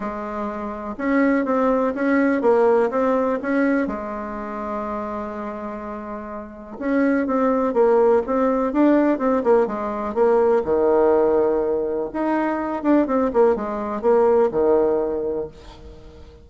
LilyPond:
\new Staff \with { instrumentName = "bassoon" } { \time 4/4 \tempo 4 = 124 gis2 cis'4 c'4 | cis'4 ais4 c'4 cis'4 | gis1~ | gis2 cis'4 c'4 |
ais4 c'4 d'4 c'8 ais8 | gis4 ais4 dis2~ | dis4 dis'4. d'8 c'8 ais8 | gis4 ais4 dis2 | }